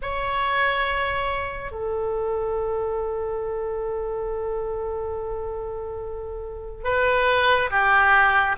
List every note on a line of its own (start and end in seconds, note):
0.02 1.71 C#5
1.71 6.84 A4
6.84 7.69 B4
7.70 8.56 G4